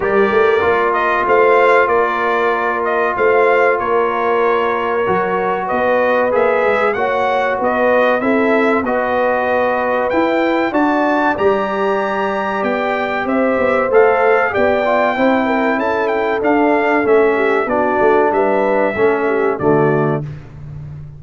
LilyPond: <<
  \new Staff \with { instrumentName = "trumpet" } { \time 4/4 \tempo 4 = 95 d''4. dis''8 f''4 d''4~ | d''8 dis''8 f''4 cis''2~ | cis''4 dis''4 e''4 fis''4 | dis''4 e''4 dis''2 |
g''4 a''4 ais''2 | g''4 e''4 f''4 g''4~ | g''4 a''8 g''8 f''4 e''4 | d''4 e''2 d''4 | }
  \new Staff \with { instrumentName = "horn" } { \time 4/4 ais'2 c''4 ais'4~ | ais'4 c''4 ais'2~ | ais'4 b'2 cis''4 | b'4 a'4 b'2~ |
b'4 d''2.~ | d''4 c''2 d''4 | c''8 ais'8 a'2~ a'8 g'8 | fis'4 b'4 a'8 g'8 fis'4 | }
  \new Staff \with { instrumentName = "trombone" } { \time 4/4 g'4 f'2.~ | f'1 | fis'2 gis'4 fis'4~ | fis'4 e'4 fis'2 |
e'4 fis'4 g'2~ | g'2 a'4 g'8 f'8 | e'2 d'4 cis'4 | d'2 cis'4 a4 | }
  \new Staff \with { instrumentName = "tuba" } { \time 4/4 g8 a8 ais4 a4 ais4~ | ais4 a4 ais2 | fis4 b4 ais8 gis8 ais4 | b4 c'4 b2 |
e'4 d'4 g2 | b4 c'8 b8 a4 b4 | c'4 cis'4 d'4 a4 | b8 a8 g4 a4 d4 | }
>>